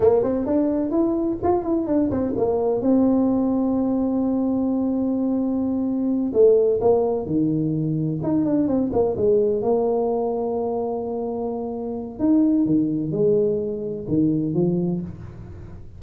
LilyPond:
\new Staff \with { instrumentName = "tuba" } { \time 4/4 \tempo 4 = 128 ais8 c'8 d'4 e'4 f'8 e'8 | d'8 c'8 ais4 c'2~ | c'1~ | c'4. a4 ais4 dis8~ |
dis4. dis'8 d'8 c'8 ais8 gis8~ | gis8 ais2.~ ais8~ | ais2 dis'4 dis4 | gis2 dis4 f4 | }